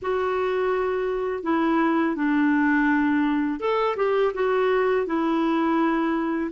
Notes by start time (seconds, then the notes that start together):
0.02 F#4
1.43 E4
2.15 D4
3.59 A4
3.96 G4
4.34 F#4
5.06 E4